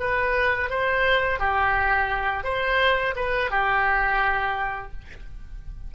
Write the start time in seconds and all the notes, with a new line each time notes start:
0.00 B4
0.70 C5
1.40 G4
2.44 C5
3.16 B4
3.51 G4